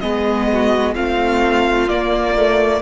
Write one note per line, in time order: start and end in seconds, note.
0.00 0.96 G#3
0.00 0.94 B3
0.00 0.48 G#4
0.00 0.94 D#5
0.52 0.94 F#4
0.94 1.89 A3
0.94 1.88 C4
0.94 2.81 F4
0.94 1.88 F5
1.88 2.81 A#3
1.88 2.37 A#3
1.88 2.81 D5
2.37 2.81 A3